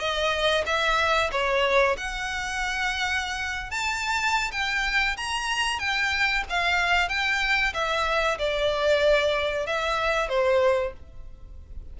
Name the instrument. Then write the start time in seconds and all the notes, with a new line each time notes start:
violin
0.00 D#5
0.67 E5
1.32 C#5
1.98 F#5
3.71 A5
4.52 G5
5.17 A#5
5.79 G5
6.50 F5
7.09 G5
7.74 E5
8.39 D5
9.67 E5
10.29 C5